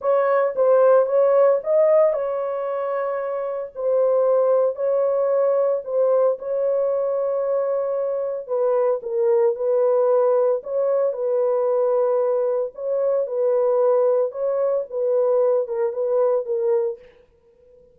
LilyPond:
\new Staff \with { instrumentName = "horn" } { \time 4/4 \tempo 4 = 113 cis''4 c''4 cis''4 dis''4 | cis''2. c''4~ | c''4 cis''2 c''4 | cis''1 |
b'4 ais'4 b'2 | cis''4 b'2. | cis''4 b'2 cis''4 | b'4. ais'8 b'4 ais'4 | }